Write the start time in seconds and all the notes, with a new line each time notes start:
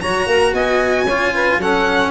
0.00 F#3 F#4 C#5 A#5
0.26 A#3 A#4
0.53 B3 D#5 G#5
1.04 C#4 F4 C#5
1.34 B4
1.57 F#3 C#4 A4 F#5